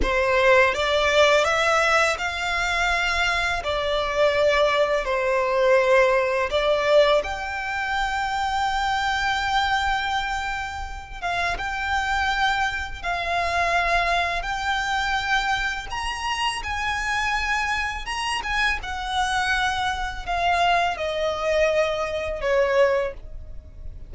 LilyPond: \new Staff \with { instrumentName = "violin" } { \time 4/4 \tempo 4 = 83 c''4 d''4 e''4 f''4~ | f''4 d''2 c''4~ | c''4 d''4 g''2~ | g''2.~ g''8 f''8 |
g''2 f''2 | g''2 ais''4 gis''4~ | gis''4 ais''8 gis''8 fis''2 | f''4 dis''2 cis''4 | }